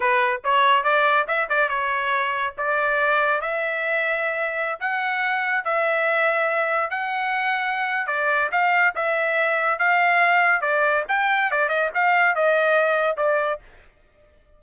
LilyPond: \new Staff \with { instrumentName = "trumpet" } { \time 4/4 \tempo 4 = 141 b'4 cis''4 d''4 e''8 d''8 | cis''2 d''2 | e''2.~ e''16 fis''8.~ | fis''4~ fis''16 e''2~ e''8.~ |
e''16 fis''2~ fis''8. d''4 | f''4 e''2 f''4~ | f''4 d''4 g''4 d''8 dis''8 | f''4 dis''2 d''4 | }